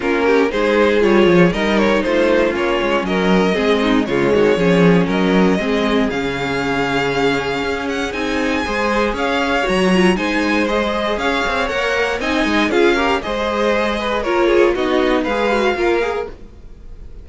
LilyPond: <<
  \new Staff \with { instrumentName = "violin" } { \time 4/4 \tempo 4 = 118 ais'4 c''4 cis''4 dis''8 cis''8 | c''4 cis''4 dis''2 | cis''2 dis''2 | f''2.~ f''8 fis''8 |
gis''2 f''4 ais''4 | gis''4 dis''4 f''4 fis''4 | gis''4 f''4 dis''2 | cis''4 dis''4 f''2 | }
  \new Staff \with { instrumentName = "violin" } { \time 4/4 f'8 g'8 gis'2 ais'4 | f'2 ais'4 gis'8 dis'8 | f'8 fis'8 gis'4 ais'4 gis'4~ | gis'1~ |
gis'4 c''4 cis''2 | c''2 cis''2 | dis''4 gis'8 ais'8 c''4. b'8 | ais'8 gis'8 fis'4 b'4 ais'4 | }
  \new Staff \with { instrumentName = "viola" } { \time 4/4 cis'4 dis'4 f'4 dis'4~ | dis'4 cis'2 c'4 | gis4 cis'2 c'4 | cis'1 |
dis'4 gis'2 fis'8 f'8 | dis'4 gis'2 ais'4 | dis'4 f'8 g'8 gis'2 | f'4 dis'4 gis'8 fis'8 f'8 gis'8 | }
  \new Staff \with { instrumentName = "cello" } { \time 4/4 ais4 gis4 g8 f8 g4 | a4 ais8 gis8 fis4 gis4 | cis8 dis8 f4 fis4 gis4 | cis2. cis'4 |
c'4 gis4 cis'4 fis4 | gis2 cis'8 c'8 ais4 | c'8 gis8 cis'4 gis2 | ais4 b4 gis4 ais4 | }
>>